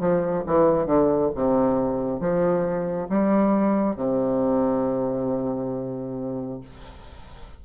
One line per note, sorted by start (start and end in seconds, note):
0.00 0.44 F3
0.47 0.86 E3
0.86 1.30 D3
1.35 2.20 C3
2.20 3.08 F3
3.09 3.96 G3
3.96 6.61 C3